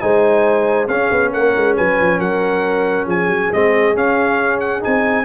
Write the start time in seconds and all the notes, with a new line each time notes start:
0.00 G#3 D#4 C5 G#5
0.87 C#4 G#4 F5
1.11 B3
1.33 A#3 A#4 F#5
1.56 G#3
1.76 F#3 B4 G#5
2.00 F3
2.19 F#3 A#4 F#5
3.06 F3 G#4 G#5
3.27 F#3
3.53 G#3 C4 D#5
3.94 C#4 F5
4.60 F#5
4.80 C4 D#4 G#5